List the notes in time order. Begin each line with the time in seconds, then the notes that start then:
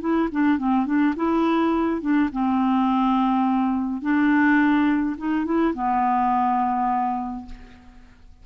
0.00 E4
0.31 D4
0.58 C4
0.85 D4
1.16 E4
2.01 D4
2.32 C4
4.01 D4
5.17 D#4
5.45 E4
5.74 B3